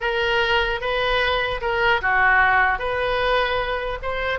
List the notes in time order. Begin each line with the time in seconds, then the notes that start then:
0.01 A#4
0.80 B4
1.61 A#4
2.01 F#4
2.78 B4
4.02 C5